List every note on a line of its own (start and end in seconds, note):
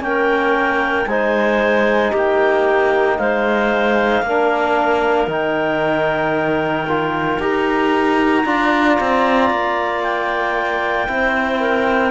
0.00 1.05 A#3
0.00 1.06 C#4
0.00 1.07 G5
0.06 1.08 A#4
1.06 2.11 G#3
1.06 4.25 D#4
1.06 2.11 C5
1.06 2.12 G#5
2.11 3.18 A#3
2.11 3.16 G4
2.11 3.18 G5
3.18 4.22 G#3
3.18 4.23 C5
3.18 5.28 F5
4.22 5.27 A#3
4.22 5.28 D4
4.22 8.45 A#4
5.27 7.38 D#3
5.27 6.86 D#4
5.27 7.40 G5
6.87 7.40 F4
7.39 8.44 D#4
7.39 8.45 G4
7.39 10.03 A#5
8.45 8.98 D4
8.45 11.07 F4
8.45 11.09 D5
9.00 9.50 C4
9.50 11.08 A#3
10.03 12.10 G5
11.07 12.10 C4
11.07 12.10 E4
11.07 11.60 C5
11.60 12.10 A#4